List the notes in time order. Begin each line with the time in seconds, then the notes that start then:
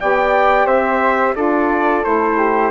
0.00 B3 G4 D5 G5
0.66 C4 C5 E5
1.35 D4 F4 A4 D5
2.03 A3 E4 C5
2.37 G4